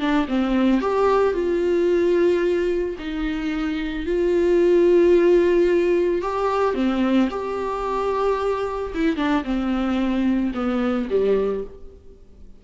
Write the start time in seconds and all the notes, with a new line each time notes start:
0.00 D4
0.29 C4
0.82 G4
1.34 F4
2.99 D#4
4.06 F4
6.22 G4
6.75 C4
7.31 G4
8.95 E4
9.17 D4
9.44 C4
10.55 B3
11.10 G3